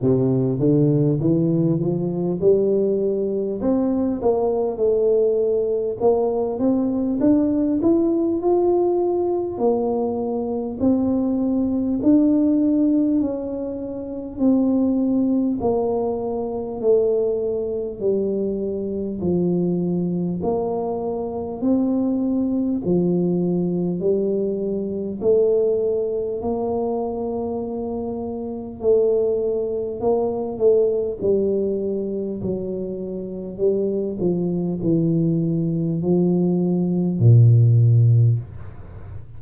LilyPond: \new Staff \with { instrumentName = "tuba" } { \time 4/4 \tempo 4 = 50 c8 d8 e8 f8 g4 c'8 ais8 | a4 ais8 c'8 d'8 e'8 f'4 | ais4 c'4 d'4 cis'4 | c'4 ais4 a4 g4 |
f4 ais4 c'4 f4 | g4 a4 ais2 | a4 ais8 a8 g4 fis4 | g8 f8 e4 f4 ais,4 | }